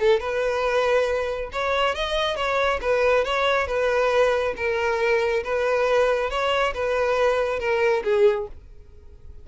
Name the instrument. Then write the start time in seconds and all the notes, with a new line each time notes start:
violin
0.00 A4
0.20 B4
1.52 C#5
1.95 D#5
2.36 C#5
2.81 B4
3.25 C#5
3.67 B4
4.57 A#4
5.44 B4
6.30 C#5
6.74 B4
7.60 A#4
8.04 G#4